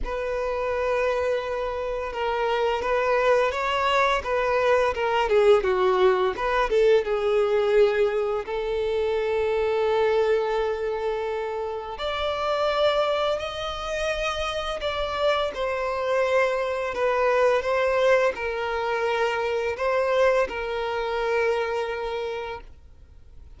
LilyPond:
\new Staff \with { instrumentName = "violin" } { \time 4/4 \tempo 4 = 85 b'2. ais'4 | b'4 cis''4 b'4 ais'8 gis'8 | fis'4 b'8 a'8 gis'2 | a'1~ |
a'4 d''2 dis''4~ | dis''4 d''4 c''2 | b'4 c''4 ais'2 | c''4 ais'2. | }